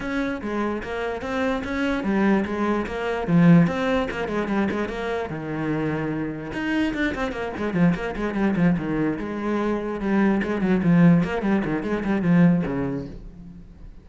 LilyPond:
\new Staff \with { instrumentName = "cello" } { \time 4/4 \tempo 4 = 147 cis'4 gis4 ais4 c'4 | cis'4 g4 gis4 ais4 | f4 c'4 ais8 gis8 g8 gis8 | ais4 dis2. |
dis'4 d'8 c'8 ais8 gis8 f8 ais8 | gis8 g8 f8 dis4 gis4.~ | gis8 g4 gis8 fis8 f4 ais8 | g8 dis8 gis8 g8 f4 cis4 | }